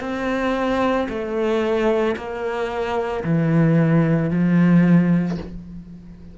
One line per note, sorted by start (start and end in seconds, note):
0.00 1.07 C4
1.08 2.15 A3
2.16 3.23 A#3
3.24 4.30 E3
4.30 5.37 F3